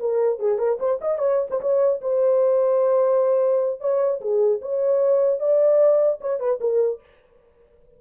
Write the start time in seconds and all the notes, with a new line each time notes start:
0.00 A#4
0.39 G#4
0.59 A#4
0.80 C5
1.01 D#5
1.19 C#5
1.51 C5
1.61 C#5
2.01 C5
3.81 C#5
4.21 G#4
4.62 C#5
5.40 D5
6.21 C#5
6.40 B4
6.61 A#4